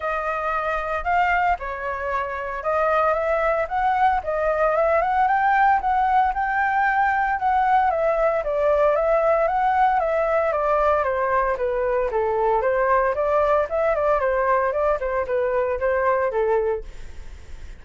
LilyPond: \new Staff \with { instrumentName = "flute" } { \time 4/4 \tempo 4 = 114 dis''2 f''4 cis''4~ | cis''4 dis''4 e''4 fis''4 | dis''4 e''8 fis''8 g''4 fis''4 | g''2 fis''4 e''4 |
d''4 e''4 fis''4 e''4 | d''4 c''4 b'4 a'4 | c''4 d''4 e''8 d''8 c''4 | d''8 c''8 b'4 c''4 a'4 | }